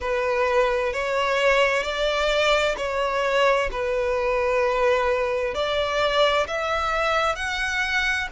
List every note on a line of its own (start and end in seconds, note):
0.00 0.93 B4
0.93 1.83 C#5
1.83 2.75 D5
2.77 3.69 C#5
3.71 5.54 B4
5.54 6.46 D5
6.47 7.35 E5
7.35 8.27 F#5